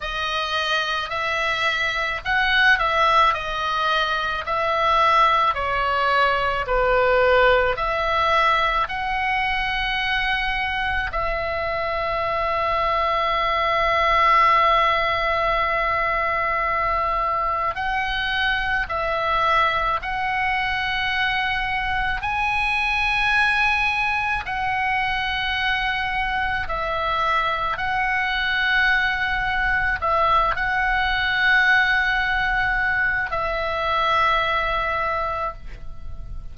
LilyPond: \new Staff \with { instrumentName = "oboe" } { \time 4/4 \tempo 4 = 54 dis''4 e''4 fis''8 e''8 dis''4 | e''4 cis''4 b'4 e''4 | fis''2 e''2~ | e''1 |
fis''4 e''4 fis''2 | gis''2 fis''2 | e''4 fis''2 e''8 fis''8~ | fis''2 e''2 | }